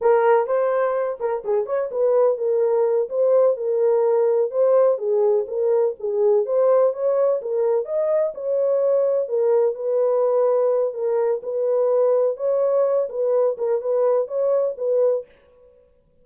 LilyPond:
\new Staff \with { instrumentName = "horn" } { \time 4/4 \tempo 4 = 126 ais'4 c''4. ais'8 gis'8 cis''8 | b'4 ais'4. c''4 ais'8~ | ais'4. c''4 gis'4 ais'8~ | ais'8 gis'4 c''4 cis''4 ais'8~ |
ais'8 dis''4 cis''2 ais'8~ | ais'8 b'2~ b'8 ais'4 | b'2 cis''4. b'8~ | b'8 ais'8 b'4 cis''4 b'4 | }